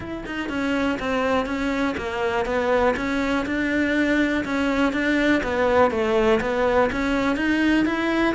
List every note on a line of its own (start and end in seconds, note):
0.00 0.24 E4
0.26 0.49 D#4
0.49 0.98 C#4
0.99 1.46 C4
1.46 1.95 C#4
1.97 2.45 A#3
2.45 2.94 B3
2.96 3.45 C#4
3.46 4.44 D4
4.44 4.92 C#4
4.92 5.42 D4
5.43 5.90 B3
5.90 6.40 A3
6.41 6.90 B3
6.91 7.36 C#4
7.36 7.85 D#4
7.85 8.34 E4